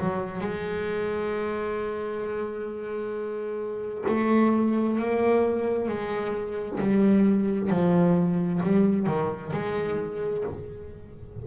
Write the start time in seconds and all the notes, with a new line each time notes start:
0.00 F#3
0.41 G#3
4.08 A3
4.99 A#3
5.88 G#3
6.80 G3
7.70 F3
8.63 G3
9.07 D#3
9.53 G#3